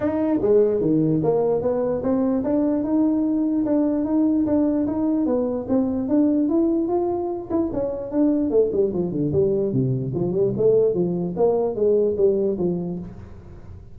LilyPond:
\new Staff \with { instrumentName = "tuba" } { \time 4/4 \tempo 4 = 148 dis'4 gis4 dis4 ais4 | b4 c'4 d'4 dis'4~ | dis'4 d'4 dis'4 d'4 | dis'4 b4 c'4 d'4 |
e'4 f'4. e'8 cis'4 | d'4 a8 g8 f8 d8 g4 | c4 f8 g8 a4 f4 | ais4 gis4 g4 f4 | }